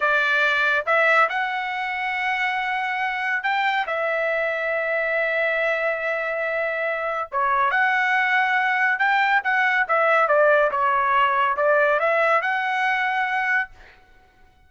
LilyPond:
\new Staff \with { instrumentName = "trumpet" } { \time 4/4 \tempo 4 = 140 d''2 e''4 fis''4~ | fis''1 | g''4 e''2.~ | e''1~ |
e''4 cis''4 fis''2~ | fis''4 g''4 fis''4 e''4 | d''4 cis''2 d''4 | e''4 fis''2. | }